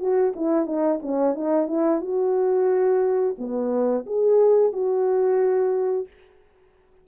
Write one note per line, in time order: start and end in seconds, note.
0.00 0.34 F#4
0.36 0.66 E4
0.66 1.00 D#4
1.02 1.35 C#4
1.35 1.67 D#4
1.67 2.01 E4
2.01 3.36 F#4
3.38 4.06 B3
4.06 4.73 G#4
4.73 6.07 F#4